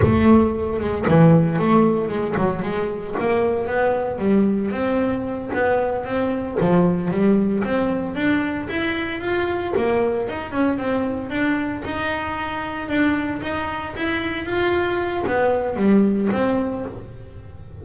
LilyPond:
\new Staff \with { instrumentName = "double bass" } { \time 4/4 \tempo 4 = 114 a4. gis8 e4 a4 | gis8 fis8 gis4 ais4 b4 | g4 c'4. b4 c'8~ | c'8 f4 g4 c'4 d'8~ |
d'8 e'4 f'4 ais4 dis'8 | cis'8 c'4 d'4 dis'4.~ | dis'8 d'4 dis'4 e'4 f'8~ | f'4 b4 g4 c'4 | }